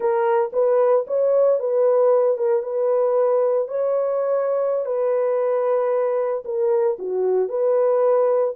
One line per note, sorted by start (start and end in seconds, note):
0.00 0.51 A#4
0.52 1.05 B4
1.07 1.59 C#5
1.59 2.37 B4
2.37 2.62 A#4
2.62 3.68 B4
3.68 4.85 C#5
4.85 6.43 B4
6.44 6.97 A#4
6.99 7.49 F#4
7.49 8.54 B4